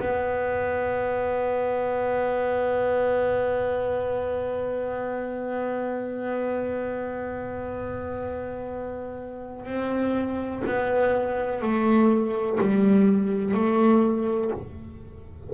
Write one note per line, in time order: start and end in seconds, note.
0.00 9.66 B3
9.66 10.62 C4
10.67 11.61 B3
11.61 12.58 A3
12.60 13.54 G3
13.54 14.51 A3